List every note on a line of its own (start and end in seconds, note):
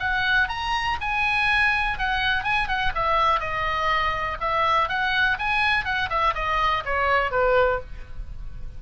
0.00 0.49 F#5
0.49 0.97 A#5
1.01 1.99 G#5
1.99 2.44 F#5
2.44 2.68 G#5
2.68 2.92 F#5
2.95 3.40 E5
3.40 4.38 D#5
4.41 4.89 E5
4.89 5.38 F#5
5.39 5.85 G#5
5.85 6.10 F#5
6.10 6.34 E5
6.35 6.84 D#5
6.85 7.31 C#5
7.31 7.80 B4